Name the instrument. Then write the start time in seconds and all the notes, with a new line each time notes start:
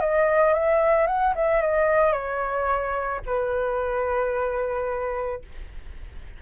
flute
0.00 D#5
0.54 E5
1.07 F#5
1.36 E5
1.62 D#5
2.13 C#5
3.26 B4